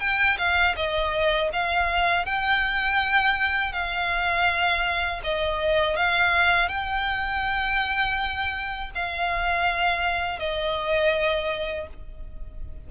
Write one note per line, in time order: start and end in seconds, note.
0.00 0.37 G5
0.38 0.75 F5
0.75 1.49 D#5
1.53 2.26 F5
2.26 3.72 G5
3.72 5.21 F5
5.24 5.96 D#5
5.96 6.68 F5
6.68 8.91 G5
8.95 10.39 F5
10.39 11.87 D#5